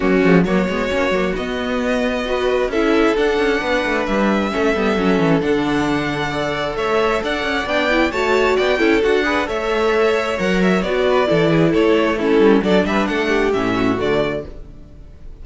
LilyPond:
<<
  \new Staff \with { instrumentName = "violin" } { \time 4/4 \tempo 4 = 133 fis'4 cis''2 dis''4~ | dis''2 e''4 fis''4~ | fis''4 e''2. | fis''2. e''4 |
fis''4 g''4 a''4 g''4 | fis''4 e''2 fis''8 e''8 | d''2 cis''4 a'4 | d''8 e''8 fis''4 e''4 d''4 | }
  \new Staff \with { instrumentName = "violin" } { \time 4/4 cis'4 fis'2.~ | fis'4 b'4 a'2 | b'2 a'2~ | a'2 d''4 cis''4 |
d''2 cis''4 d''8 a'8~ | a'8 b'8 cis''2.~ | cis''8 b'8 a'8 gis'8 a'4 e'4 | a'8 b'8 a'8 g'4 fis'4. | }
  \new Staff \with { instrumentName = "viola" } { \time 4/4 ais8 gis8 ais8 b8 cis'8 ais8 b4~ | b4 fis'4 e'4 d'4~ | d'2 cis'8 b8 cis'4 | d'2 a'2~ |
a'4 d'8 e'8 fis'4. e'8 | fis'8 gis'8 a'2 ais'4 | fis'4 e'2 cis'4 | d'2 cis'4 a4 | }
  \new Staff \with { instrumentName = "cello" } { \time 4/4 fis8 f8 fis8 gis8 ais8 fis8 b4~ | b2 cis'4 d'8 cis'8 | b8 a8 g4 a8 g8 fis8 e8 | d2. a4 |
d'8 cis'8 b4 a4 b8 cis'8 | d'4 a2 fis4 | b4 e4 a4. g8 | fis8 g8 a4 a,4 d4 | }
>>